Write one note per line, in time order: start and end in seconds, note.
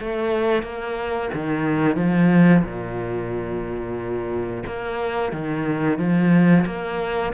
0.00 0.63 A3
0.63 1.29 A#3
1.34 1.96 D#3
1.96 2.63 F3
2.63 4.63 A#2
4.66 5.32 A#3
5.32 5.98 D#3
5.98 6.65 F3
6.66 7.33 A#3